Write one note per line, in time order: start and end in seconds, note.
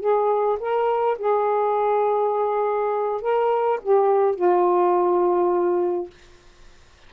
0.00 0.58 G#4
0.60 1.18 A#4
1.18 3.22 G#4
3.22 3.80 A#4
3.82 4.36 G4
4.36 6.11 F4